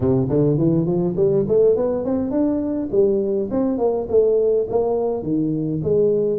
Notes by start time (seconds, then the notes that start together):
0.00 C3
0.29 D3
0.57 E3
0.86 F3
1.16 G3
1.47 A3
1.76 B3
2.04 C4
2.31 D4
2.91 G3
3.50 C4
3.78 A#3
4.09 A3
4.69 A#3
5.23 D#3
5.83 G#3